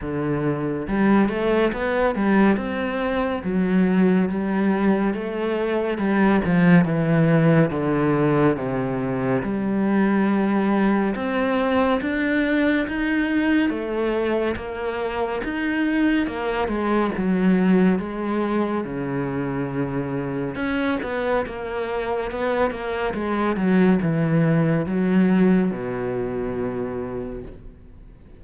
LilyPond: \new Staff \with { instrumentName = "cello" } { \time 4/4 \tempo 4 = 70 d4 g8 a8 b8 g8 c'4 | fis4 g4 a4 g8 f8 | e4 d4 c4 g4~ | g4 c'4 d'4 dis'4 |
a4 ais4 dis'4 ais8 gis8 | fis4 gis4 cis2 | cis'8 b8 ais4 b8 ais8 gis8 fis8 | e4 fis4 b,2 | }